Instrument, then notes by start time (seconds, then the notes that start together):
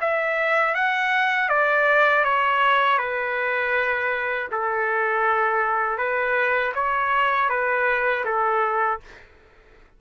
trumpet
0.00 E5
0.74 F#5
1.49 D5
2.24 C#5
2.98 B4
4.51 A4
5.97 B4
6.74 C#5
7.49 B4
8.25 A4